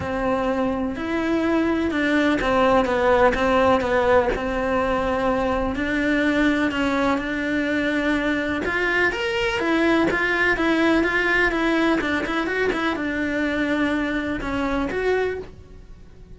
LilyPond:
\new Staff \with { instrumentName = "cello" } { \time 4/4 \tempo 4 = 125 c'2 e'2 | d'4 c'4 b4 c'4 | b4 c'2. | d'2 cis'4 d'4~ |
d'2 f'4 ais'4 | e'4 f'4 e'4 f'4 | e'4 d'8 e'8 fis'8 e'8 d'4~ | d'2 cis'4 fis'4 | }